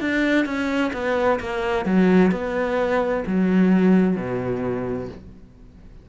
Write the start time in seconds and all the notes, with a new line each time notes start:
0.00 D4
0.45 C#4
0.93 B3
1.39 A#3
1.85 F#3
2.31 B3
3.26 F#3
4.16 B2